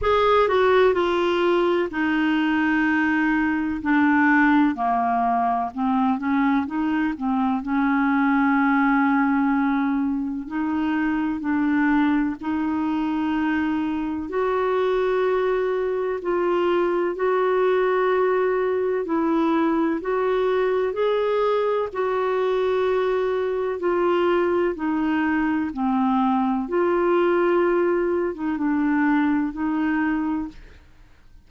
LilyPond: \new Staff \with { instrumentName = "clarinet" } { \time 4/4 \tempo 4 = 63 gis'8 fis'8 f'4 dis'2 | d'4 ais4 c'8 cis'8 dis'8 c'8 | cis'2. dis'4 | d'4 dis'2 fis'4~ |
fis'4 f'4 fis'2 | e'4 fis'4 gis'4 fis'4~ | fis'4 f'4 dis'4 c'4 | f'4.~ f'16 dis'16 d'4 dis'4 | }